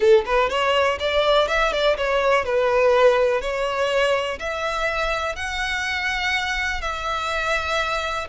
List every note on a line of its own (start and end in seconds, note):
0.00 0.24 A4
0.25 0.49 B4
0.49 0.98 C#5
0.99 1.47 D5
1.47 1.72 E5
1.72 1.96 D5
1.97 2.44 C#5
2.44 3.41 B4
3.41 4.38 C#5
4.39 5.35 E5
5.35 6.81 F#5
6.81 8.27 E5